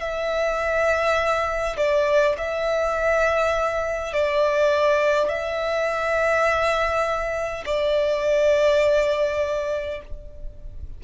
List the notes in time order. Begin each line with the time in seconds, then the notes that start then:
0.00 E5
1.77 D5
2.37 E5
4.13 D5
5.29 E5
7.66 D5